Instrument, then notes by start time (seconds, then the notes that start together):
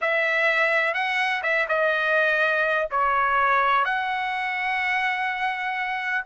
trumpet
0.01 E5
0.93 F#5
1.42 E5
1.68 D#5
2.90 C#5
3.84 F#5